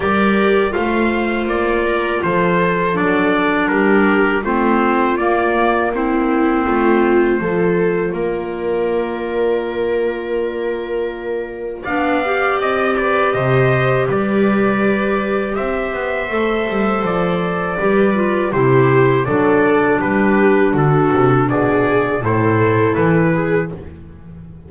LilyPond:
<<
  \new Staff \with { instrumentName = "trumpet" } { \time 4/4 \tempo 4 = 81 d''4 f''4 d''4 c''4 | d''4 ais'4 c''4 d''4 | c''2. d''4~ | d''1 |
f''4 dis''8 d''8 dis''4 d''4~ | d''4 e''2 d''4~ | d''4 c''4 d''4 b'4 | a'4 d''4 c''4 b'4 | }
  \new Staff \with { instrumentName = "viola" } { \time 4/4 ais'4 c''4. ais'8 a'4~ | a'4 g'4 f'2 | e'4 f'4 a'4 ais'4~ | ais'1 |
d''4. b'8 c''4 b'4~ | b'4 c''2. | b'4 g'4 a'4 g'4 | fis'4 gis'4 a'4. gis'8 | }
  \new Staff \with { instrumentName = "clarinet" } { \time 4/4 g'4 f'2. | d'2 c'4 ais4 | c'2 f'2~ | f'1 |
d'8 g'2.~ g'8~ | g'2 a'2 | g'8 f'8 e'4 d'2~ | d'2 e'2 | }
  \new Staff \with { instrumentName = "double bass" } { \time 4/4 g4 a4 ais4 f4 | fis4 g4 a4 ais4~ | ais4 a4 f4 ais4~ | ais1 |
b4 c'4 c4 g4~ | g4 c'8 b8 a8 g8 f4 | g4 c4 fis4 g4 | d8 c8 b,4 a,4 e4 | }
>>